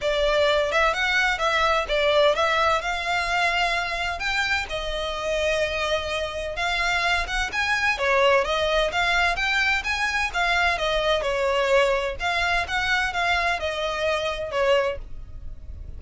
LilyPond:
\new Staff \with { instrumentName = "violin" } { \time 4/4 \tempo 4 = 128 d''4. e''8 fis''4 e''4 | d''4 e''4 f''2~ | f''4 g''4 dis''2~ | dis''2 f''4. fis''8 |
gis''4 cis''4 dis''4 f''4 | g''4 gis''4 f''4 dis''4 | cis''2 f''4 fis''4 | f''4 dis''2 cis''4 | }